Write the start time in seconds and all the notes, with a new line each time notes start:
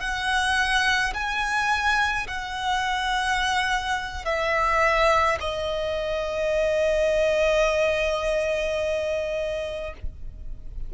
0.00 F#5
1.14 G#5
2.27 F#5
4.25 E5
5.40 D#5